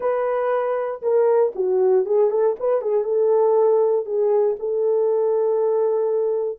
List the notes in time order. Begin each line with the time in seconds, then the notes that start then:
0.00 B4
1.02 A#4
1.55 F#4
2.05 G#4
2.30 A4
2.59 B4
2.81 G#4
3.03 A4
4.05 G#4
4.59 A4